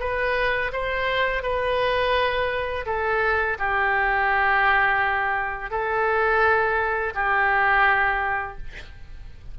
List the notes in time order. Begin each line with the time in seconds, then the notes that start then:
0.00 B4
0.73 C5
1.43 B4
2.86 A4
3.59 G4
5.70 A4
7.15 G4